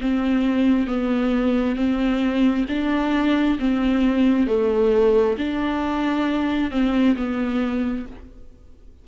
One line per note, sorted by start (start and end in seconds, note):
0.00 0.87 C4
0.87 1.75 B3
1.75 2.65 C4
2.68 3.58 D4
3.59 4.47 C4
4.47 5.36 A3
5.38 6.71 D4
6.71 7.16 C4
7.16 8.05 B3